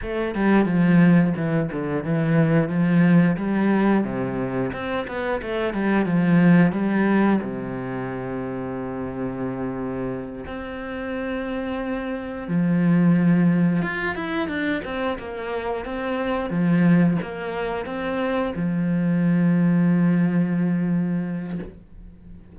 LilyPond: \new Staff \with { instrumentName = "cello" } { \time 4/4 \tempo 4 = 89 a8 g8 f4 e8 d8 e4 | f4 g4 c4 c'8 b8 | a8 g8 f4 g4 c4~ | c2.~ c8 c'8~ |
c'2~ c'8 f4.~ | f8 f'8 e'8 d'8 c'8 ais4 c'8~ | c'8 f4 ais4 c'4 f8~ | f1 | }